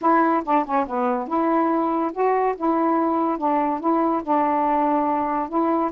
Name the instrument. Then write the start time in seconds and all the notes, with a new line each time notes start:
saxophone
0.01 E4
0.44 D4
0.65 C#4
0.86 B3
1.27 E4
2.13 F#4
2.56 E4
3.38 D4
3.80 E4
4.23 D4
5.48 E4